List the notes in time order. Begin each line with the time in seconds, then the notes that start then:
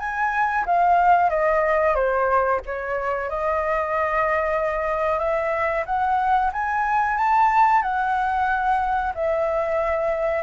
0.00 G#5
0.66 F5
1.30 D#5
1.96 C5
2.66 C#5
3.30 D#5
5.19 E5
5.86 F#5
6.53 G#5
7.18 A5
7.83 F#5
9.15 E5